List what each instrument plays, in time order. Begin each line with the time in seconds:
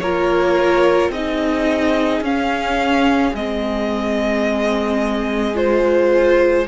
0.00 cello A#3, viola F4, violin A#4 C#5
1.10 cello C4, viola D#4, violin G#4 D#5
2.21 cello C#4, viola C#4, violin F5
3.33 cello G#3, viola C4, violin D#5
5.55 viola F4, violin C5